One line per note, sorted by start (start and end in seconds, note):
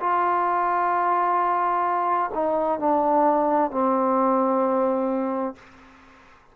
0.00 2.31 F4
2.35 2.80 D#4
2.80 3.71 D4
3.71 5.56 C4